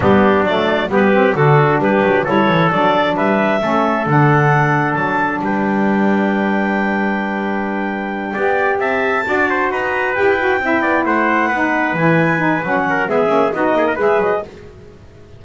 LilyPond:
<<
  \new Staff \with { instrumentName = "clarinet" } { \time 4/4 \tempo 4 = 133 g'4 d''4 b'4 a'4 | b'4 cis''4 d''4 e''4~ | e''4 fis''2 a''4 | g''1~ |
g''2.~ g''8 a''8~ | a''4. ais''4 g''4.~ | g''8 fis''2 gis''4. | fis''4 e''4 dis''4 e''8 dis''8 | }
  \new Staff \with { instrumentName = "trumpet" } { \time 4/4 d'2 g'4 fis'4 | g'4 a'2 b'4 | a'1 | b'1~ |
b'2~ b'8 d''4 e''8~ | e''8 d''8 c''8 b'2 e''8 | d''8 c''4 b'2~ b'8~ | b'8 ais'8 gis'4 fis'8 gis'16 ais'16 b'4 | }
  \new Staff \with { instrumentName = "saxophone" } { \time 4/4 b4 a4 b8 c'8 d'4~ | d'4 e'4 d'2 | cis'4 d'2.~ | d'1~ |
d'2~ d'8 g'4.~ | g'8 fis'2 g'8 fis'8 e'8~ | e'4. dis'4 e'4 dis'8 | cis'4 b8 cis'8 dis'4 gis'4 | }
  \new Staff \with { instrumentName = "double bass" } { \time 4/4 g4 fis4 g4 d4 | g8 fis8 g8 e8 fis4 g4 | a4 d2 fis4 | g1~ |
g2~ g8 b4 c'8~ | c'8 d'4 dis'4 e'4 c'8 | b8 a4 b4 e4. | fis4 gis8 ais8 b8 ais8 gis8 fis8 | }
>>